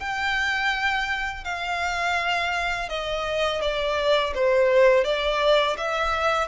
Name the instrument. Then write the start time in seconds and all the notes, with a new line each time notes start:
violin
0.00 G5
1.45 F5
2.89 D#5
3.61 D5
4.35 C5
5.04 D5
5.77 E5